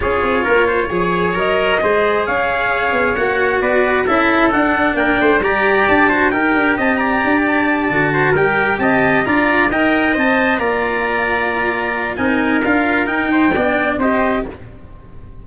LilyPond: <<
  \new Staff \with { instrumentName = "trumpet" } { \time 4/4 \tempo 4 = 133 cis''2. dis''4~ | dis''4 f''2 fis''4 | d''4 e''4 fis''4 g''4 | ais''4 a''4 g''4 a''8 ais''8~ |
ais''8 a''2 g''4 a''8~ | a''8 ais''4 g''4 a''4 ais''8~ | ais''2. gis''4 | f''4 g''2 dis''4 | }
  \new Staff \with { instrumentName = "trumpet" } { \time 4/4 gis'4 ais'8 c''8 cis''2 | c''4 cis''2. | b'4 a'2 ais'8 c''8 | d''4. c''8 ais'4 dis''8 d''8~ |
d''2 c''8 ais'4 dis''8~ | dis''8 d''4 dis''2 d''8~ | d''2. ais'4~ | ais'4. c''8 d''4 c''4 | }
  \new Staff \with { instrumentName = "cello" } { \time 4/4 f'2 gis'4 ais'4 | gis'2. fis'4~ | fis'4 e'4 d'2 | g'4. fis'8 g'2~ |
g'4. fis'4 g'4.~ | g'8 f'4 ais'4 c''4 f'8~ | f'2. dis'4 | f'4 dis'4 d'4 g'4 | }
  \new Staff \with { instrumentName = "tuba" } { \time 4/4 cis'8 c'8 ais4 f4 fis4 | gis4 cis'4. b8 ais4 | b4 cis'4 d'4 ais8 a8 | g4 d'4 dis'8 d'8 c'4 |
d'4. d4 g4 c'8~ | c'8 d'4 dis'4 c'4 ais8~ | ais2. c'4 | d'4 dis'4 b4 c'4 | }
>>